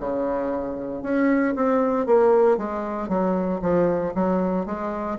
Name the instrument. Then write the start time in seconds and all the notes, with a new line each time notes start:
bassoon
0.00 C#3
1.03 C#4
1.56 C4
2.06 A#3
2.58 G#3
3.09 F#3
3.62 F3
4.15 F#3
4.66 G#3